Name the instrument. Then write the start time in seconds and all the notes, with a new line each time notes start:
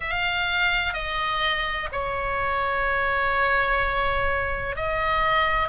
oboe
0.00 F5
0.93 D#5
1.92 C#5
4.76 D#5